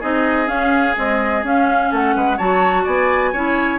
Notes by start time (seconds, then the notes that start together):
0.00 C4 D#4 G#4 D#5
0.47 C#4 F5
0.96 G#3 C4 D#5
1.44 C#4 F5
1.91 A3 A4 F#5
2.16 G#3 B4
2.37 F#3 F#4 C#5 A5
2.84 B3 D5 G#5
3.33 C#4 E4 C#5